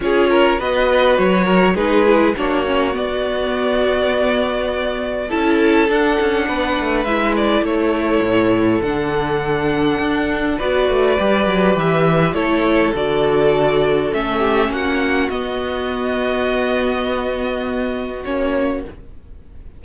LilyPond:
<<
  \new Staff \with { instrumentName = "violin" } { \time 4/4 \tempo 4 = 102 cis''4 dis''4 cis''4 b'4 | cis''4 d''2.~ | d''4 a''4 fis''2 | e''8 d''8 cis''2 fis''4~ |
fis''2 d''2 | e''4 cis''4 d''2 | e''4 fis''4 dis''2~ | dis''2. cis''4 | }
  \new Staff \with { instrumentName = "violin" } { \time 4/4 gis'8 ais'8 b'4. ais'8 gis'4 | fis'1~ | fis'4 a'2 b'4~ | b'4 a'2.~ |
a'2 b'2~ | b'4 a'2.~ | a'8 g'8 fis'2.~ | fis'1 | }
  \new Staff \with { instrumentName = "viola" } { \time 4/4 f'4 fis'2 dis'8 e'8 | d'8 cis'8 b2.~ | b4 e'4 d'2 | e'2. d'4~ |
d'2 fis'4 g'4~ | g'4 e'4 fis'2 | cis'2 b2~ | b2. cis'4 | }
  \new Staff \with { instrumentName = "cello" } { \time 4/4 cis'4 b4 fis4 gis4 | ais4 b2.~ | b4 cis'4 d'8 cis'8 b8 a8 | gis4 a4 a,4 d4~ |
d4 d'4 b8 a8 g8 fis8 | e4 a4 d2 | a4 ais4 b2~ | b2. ais4 | }
>>